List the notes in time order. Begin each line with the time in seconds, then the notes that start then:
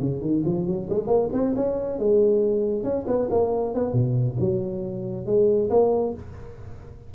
0.00 C#3
0.21 D#3
0.46 F3
0.67 F#3
0.90 G#3
1.07 A#3
1.33 C4
1.56 C#4
1.99 G#3
2.84 C#4
3.07 B3
3.31 A#3
3.75 B3
3.93 B2
4.40 F#3
5.26 G#3
5.70 A#3